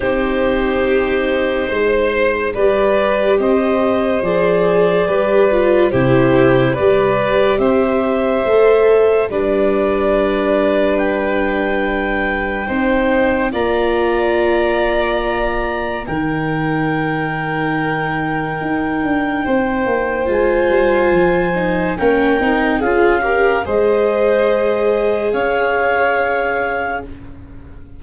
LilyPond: <<
  \new Staff \with { instrumentName = "clarinet" } { \time 4/4 \tempo 4 = 71 c''2. d''4 | dis''4 d''2 c''4 | d''4 e''2 d''4~ | d''4 g''2. |
ais''2. g''4~ | g''1 | gis''2 g''4 f''4 | dis''2 f''2 | }
  \new Staff \with { instrumentName = "violin" } { \time 4/4 g'2 c''4 b'4 | c''2 b'4 g'4 | b'4 c''2 b'4~ | b'2. c''4 |
d''2. ais'4~ | ais'2. c''4~ | c''2 ais'4 gis'8 ais'8 | c''2 cis''2 | }
  \new Staff \with { instrumentName = "viola" } { \time 4/4 dis'2. g'4~ | g'4 gis'4 g'8 f'8 e'4 | g'2 a'4 d'4~ | d'2. dis'4 |
f'2. dis'4~ | dis'1 | f'4. dis'8 cis'8 dis'8 f'8 g'8 | gis'1 | }
  \new Staff \with { instrumentName = "tuba" } { \time 4/4 c'2 gis4 g4 | c'4 f4 g4 c4 | g4 c'4 a4 g4~ | g2. c'4 |
ais2. dis4~ | dis2 dis'8 d'8 c'8 ais8 | gis8 g8 f4 ais8 c'8 cis'4 | gis2 cis'2 | }
>>